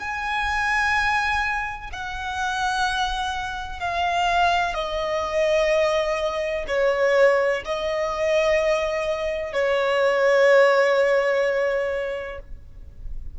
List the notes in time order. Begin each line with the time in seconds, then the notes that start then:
0.00 G#5
1.93 F#5
3.80 F5
4.75 D#5
6.68 C#5
7.65 D#5
9.54 C#5